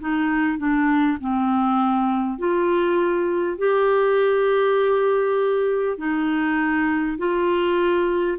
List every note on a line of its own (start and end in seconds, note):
0.00 0.58 D#4
0.58 1.18 D4
1.21 2.38 C4
2.38 3.58 F4
3.58 5.97 G4
5.97 7.17 D#4
7.18 8.38 F4